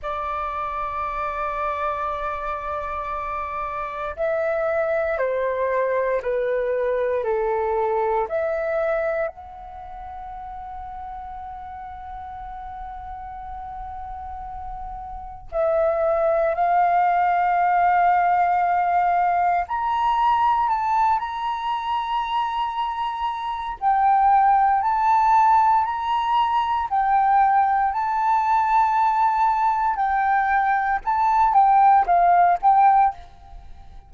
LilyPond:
\new Staff \with { instrumentName = "flute" } { \time 4/4 \tempo 4 = 58 d''1 | e''4 c''4 b'4 a'4 | e''4 fis''2.~ | fis''2. e''4 |
f''2. ais''4 | a''8 ais''2~ ais''8 g''4 | a''4 ais''4 g''4 a''4~ | a''4 g''4 a''8 g''8 f''8 g''8 | }